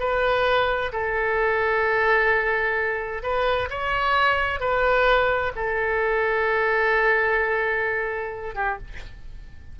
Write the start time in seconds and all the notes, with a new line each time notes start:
0.00 B4
0.93 A4
3.23 B4
3.70 C#5
4.60 B4
5.56 A4
8.55 G4